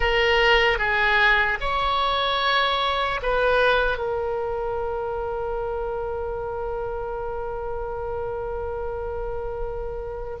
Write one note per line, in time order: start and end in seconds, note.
0.00 0.78 A#4
0.78 1.58 G#4
1.60 3.20 C#5
3.22 3.97 B4
3.97 10.37 A#4